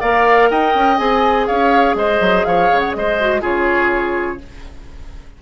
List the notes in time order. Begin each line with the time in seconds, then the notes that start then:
0.00 A#3 A#4 D5 F5
0.50 D#4 D#5 G5
0.74 C#4
0.97 C4 G#4 G#5
1.47 C#4 C#5 F5
1.94 G#3 C5 D#5
2.20 F#3
2.45 F3 C#5 F5
2.71 C#3
2.79 F#5
2.94 G#3 C5 D#5
3.20 F#4
3.41 C#3 F4 G#4 C#5